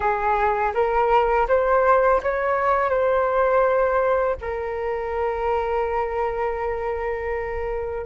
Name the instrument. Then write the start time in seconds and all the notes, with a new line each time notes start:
flute
0.00 G#4
0.74 A#4
1.48 C5
2.22 C#5
2.89 C5
4.41 A#4